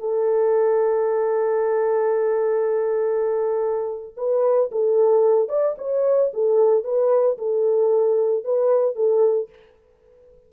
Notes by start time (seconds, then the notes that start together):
0.00 A4
4.17 B4
4.72 A4
5.49 D5
5.78 C#5
6.34 A4
6.84 B4
7.38 A4
8.44 B4
8.96 A4